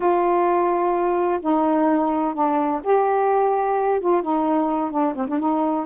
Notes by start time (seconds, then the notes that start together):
0.00 F4
1.41 D#4
2.34 D4
2.83 G4
4.00 F4
4.22 D#4
4.90 D4
5.15 C4
5.27 D4
5.39 D#4